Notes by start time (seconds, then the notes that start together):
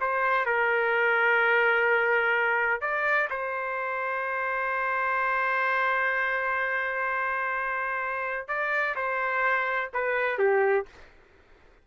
0.00 C5
0.46 A#4
2.81 D5
3.30 C5
8.48 D5
8.95 C5
9.93 B4
10.38 G4